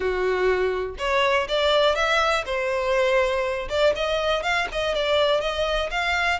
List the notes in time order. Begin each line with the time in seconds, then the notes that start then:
0.00 F#4
0.98 C#5
1.48 D5
1.95 E5
2.45 C5
3.69 D5
3.95 D#5
4.43 F5
4.71 D#5
4.94 D5
5.40 D#5
5.90 F5